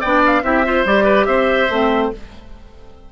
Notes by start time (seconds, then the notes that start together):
0.00 B3 D4 D5 G5
0.26 F5
0.42 C4 E4 G4 E5
0.64 F4 C5
0.85 G3 G4 D5
1.04 B4
1.25 C4 C5 E5
1.69 A3 C4